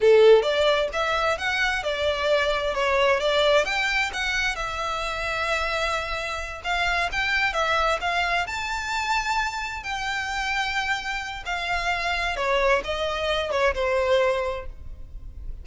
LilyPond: \new Staff \with { instrumentName = "violin" } { \time 4/4 \tempo 4 = 131 a'4 d''4 e''4 fis''4 | d''2 cis''4 d''4 | g''4 fis''4 e''2~ | e''2~ e''8 f''4 g''8~ |
g''8 e''4 f''4 a''4.~ | a''4. g''2~ g''8~ | g''4 f''2 cis''4 | dis''4. cis''8 c''2 | }